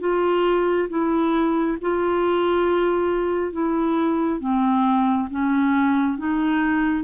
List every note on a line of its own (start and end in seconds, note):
0.00 0.88 F4
0.89 1.77 E4
1.81 3.52 F4
3.52 4.40 E4
4.40 5.28 C4
5.30 6.18 C#4
6.18 7.03 D#4